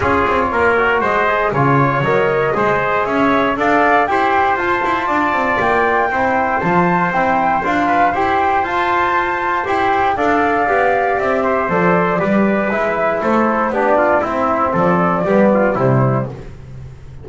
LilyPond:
<<
  \new Staff \with { instrumentName = "flute" } { \time 4/4 \tempo 4 = 118 cis''2 dis''4 cis''4 | dis''2 e''4 f''4 | g''4 a''2 g''4~ | g''4 a''4 g''4 f''4 |
g''4 a''2 g''4 | f''2 e''4 d''4~ | d''4 e''4 c''4 d''4 | e''4 d''2 c''4 | }
  \new Staff \with { instrumentName = "trumpet" } { \time 4/4 gis'4 ais'4 c''4 cis''4~ | cis''4 c''4 cis''4 d''4 | c''2 d''2 | c''2.~ c''8 b'8 |
c''1 | d''2~ d''8 c''4. | b'2 a'4 g'8 f'8 | e'4 a'4 g'8 f'8 e'4 | }
  \new Staff \with { instrumentName = "trombone" } { \time 4/4 f'4. fis'4 gis'8 f'4 | ais'4 gis'2 a'4 | g'4 f'2. | e'4 f'4 e'4 f'4 |
g'4 f'2 g'4 | a'4 g'2 a'4 | g'4 e'2 d'4 | c'2 b4 g4 | }
  \new Staff \with { instrumentName = "double bass" } { \time 4/4 cis'8 c'8 ais4 gis4 cis4 | fis4 gis4 cis'4 d'4 | e'4 f'8 e'8 d'8 c'8 ais4 | c'4 f4 c'4 d'4 |
e'4 f'2 e'4 | d'4 b4 c'4 f4 | g4 gis4 a4 b4 | c'4 f4 g4 c4 | }
>>